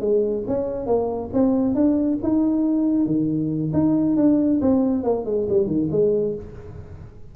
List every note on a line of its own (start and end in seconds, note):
0.00 0.44 G#3
0.47 0.86 C#4
0.86 1.30 A#3
1.33 1.74 C4
1.74 2.18 D4
2.23 3.06 D#4
3.06 3.71 D#3
3.73 4.16 D#4
4.16 4.60 D4
4.61 5.03 C4
5.03 5.25 A#3
5.25 5.47 G#3
5.49 5.67 G3
5.67 5.89 D#3
5.91 6.35 G#3